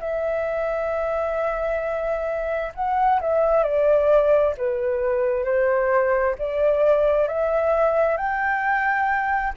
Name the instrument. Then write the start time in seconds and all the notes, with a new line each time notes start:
flute
0.00 E5
2.75 F#5
3.21 E5
3.64 D5
4.58 B4
5.44 C5
6.39 D5
7.28 E5
8.17 G5